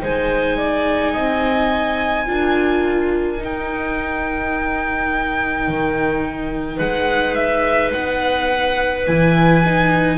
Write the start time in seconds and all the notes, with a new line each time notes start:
0.00 G#3 D#4 C5 G#5
0.57 D5
1.12 C4 D#5
2.26 D4 F4 A#4
3.37 D#4
3.44 G5
5.68 D#3
6.76 G#3 B4 F#5
7.35 E5
7.93 B3 F#5
9.07 E3 E4 G#5
9.65 D#4